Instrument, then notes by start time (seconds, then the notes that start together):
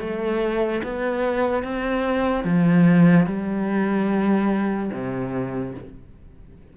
cello
0.00 A3
0.84 B3
1.63 C4
2.44 F3
3.27 G3
4.92 C3